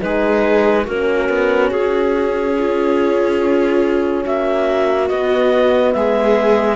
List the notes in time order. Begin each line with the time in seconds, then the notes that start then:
0.00 G#3 D#4 G#4 B4
0.84 A#3 C#4 F#4 A#4
1.29 B3
1.70 C#4 G#4
2.59 F4
4.24 A#3 F#4 E5
5.08 B3 D#5
5.92 G#3 G#4 E5